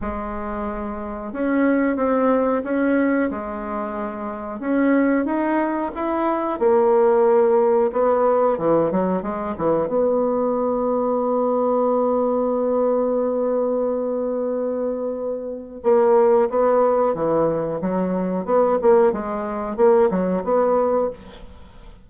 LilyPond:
\new Staff \with { instrumentName = "bassoon" } { \time 4/4 \tempo 4 = 91 gis2 cis'4 c'4 | cis'4 gis2 cis'4 | dis'4 e'4 ais2 | b4 e8 fis8 gis8 e8 b4~ |
b1~ | b1 | ais4 b4 e4 fis4 | b8 ais8 gis4 ais8 fis8 b4 | }